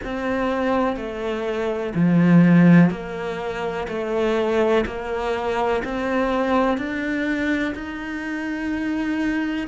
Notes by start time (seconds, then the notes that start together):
0.04 C4
0.96 A3
1.94 F3
2.90 A#3
3.88 A3
4.86 A#3
5.84 C4
6.77 D4
7.74 D#4